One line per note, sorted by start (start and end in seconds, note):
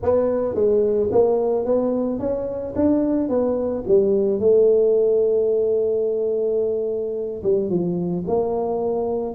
0.02 0.54 B3
0.54 1.09 G#3
1.11 1.65 A#3
1.65 2.19 B3
2.19 2.74 C#4
2.75 3.29 D4
3.29 3.84 B3
3.87 4.39 G3
4.39 7.42 A3
7.43 7.69 G3
7.69 8.24 F3
8.27 9.34 A#3